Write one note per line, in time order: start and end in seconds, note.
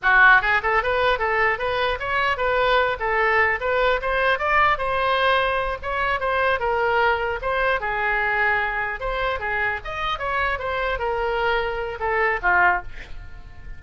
0.02 0.41 F#4
0.41 0.61 G#4
0.62 0.82 A4
0.83 1.18 B4
1.18 1.58 A4
1.58 1.98 B4
1.99 2.37 C#5
2.37 2.97 B4
2.99 3.59 A4
3.60 4.00 B4
4.01 4.38 C5
4.38 4.78 D5
4.78 5.78 C5
5.82 6.20 C#5
6.20 6.59 C5
6.59 7.39 A#4
7.41 7.80 C5
7.80 9.00 G#4
9.00 9.39 C5
9.39 9.79 G#4
9.84 10.18 D#5
10.18 10.58 C#5
10.59 10.99 C5
10.99 11.99 A#4
11.99 12.39 A4
12.42 12.82 F4